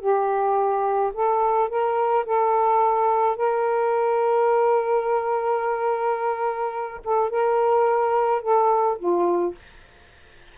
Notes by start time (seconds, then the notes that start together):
0.00 G4
1.13 A4
1.69 A#4
2.26 A4
3.36 A#4
7.04 A4
7.30 A#4
8.42 A4
8.99 F4